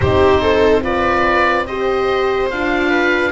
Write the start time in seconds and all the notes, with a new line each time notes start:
0.00 C4 D#4 G4 C5
0.41 A4
0.81 F4 B4 D5
1.66 G4 C5 D#5
2.50 D4 F4 F5
2.89 B4